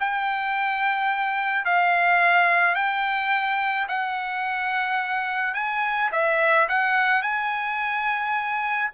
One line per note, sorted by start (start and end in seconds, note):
0.00 1.65 G5
1.65 2.75 F5
2.75 3.87 G5
3.88 5.54 F#5
5.54 6.10 G#5
6.12 6.68 E5
6.69 7.23 F#5
7.23 8.91 G#5